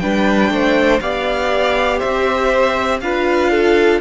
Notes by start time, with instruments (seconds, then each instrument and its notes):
0.00 cello G3, viola D4, violin B4 G5
0.51 cello A3, violin C5
1.01 cello B3, viola G4, violin D5 F5
1.99 cello C4, violin C5 E5
3.01 cello D4, viola F4, violin B4 F5
3.51 violin A4